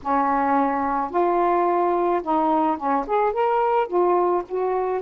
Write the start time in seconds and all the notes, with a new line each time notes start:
0.02 C#4
1.10 F4
2.22 D#4
2.77 C#4
3.06 G#4
3.33 A#4
3.87 F4
4.48 F#4